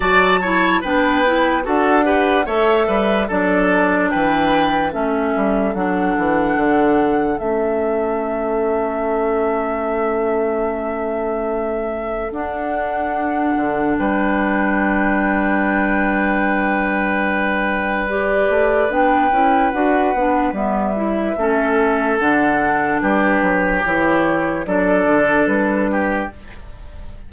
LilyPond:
<<
  \new Staff \with { instrumentName = "flute" } { \time 4/4 \tempo 4 = 73 a''4 g''4 fis''4 e''4 | d''4 g''4 e''4 fis''4~ | fis''4 e''2.~ | e''2. fis''4~ |
fis''4 g''2.~ | g''2 d''4 g''4 | fis''4 e''2 fis''4 | b'4 cis''4 d''4 b'4 | }
  \new Staff \with { instrumentName = "oboe" } { \time 4/4 d''8 cis''8 b'4 a'8 b'8 cis''8 b'8 | a'4 b'4 a'2~ | a'1~ | a'1~ |
a'4 b'2.~ | b'1~ | b'2 a'2 | g'2 a'4. g'8 | }
  \new Staff \with { instrumentName = "clarinet" } { \time 4/4 fis'8 e'8 d'8 e'8 fis'8 g'8 a'4 | d'2 cis'4 d'4~ | d'4 cis'2.~ | cis'2. d'4~ |
d'1~ | d'2 g'4 d'8 e'8 | fis'8 d'8 b8 e'8 cis'4 d'4~ | d'4 e'4 d'2 | }
  \new Staff \with { instrumentName = "bassoon" } { \time 4/4 fis4 b4 d'4 a8 g8 | fis4 e4 a8 g8 fis8 e8 | d4 a2.~ | a2. d'4~ |
d'8 d8 g2.~ | g2~ g8 a8 b8 cis'8 | d'8 b8 g4 a4 d4 | g8 fis8 e4 fis8 d8 g4 | }
>>